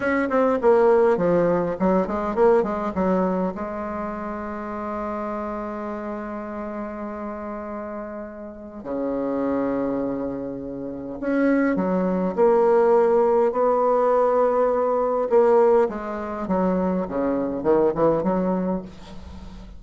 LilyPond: \new Staff \with { instrumentName = "bassoon" } { \time 4/4 \tempo 4 = 102 cis'8 c'8 ais4 f4 fis8 gis8 | ais8 gis8 fis4 gis2~ | gis1~ | gis2. cis4~ |
cis2. cis'4 | fis4 ais2 b4~ | b2 ais4 gis4 | fis4 cis4 dis8 e8 fis4 | }